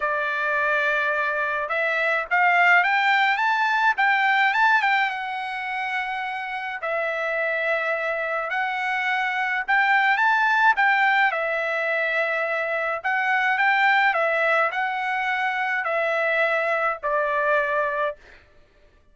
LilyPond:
\new Staff \with { instrumentName = "trumpet" } { \time 4/4 \tempo 4 = 106 d''2. e''4 | f''4 g''4 a''4 g''4 | a''8 g''8 fis''2. | e''2. fis''4~ |
fis''4 g''4 a''4 g''4 | e''2. fis''4 | g''4 e''4 fis''2 | e''2 d''2 | }